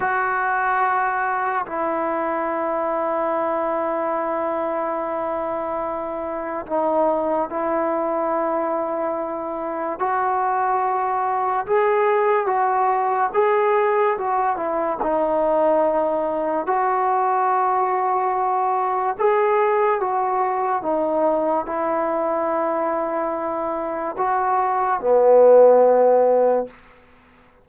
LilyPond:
\new Staff \with { instrumentName = "trombone" } { \time 4/4 \tempo 4 = 72 fis'2 e'2~ | e'1 | dis'4 e'2. | fis'2 gis'4 fis'4 |
gis'4 fis'8 e'8 dis'2 | fis'2. gis'4 | fis'4 dis'4 e'2~ | e'4 fis'4 b2 | }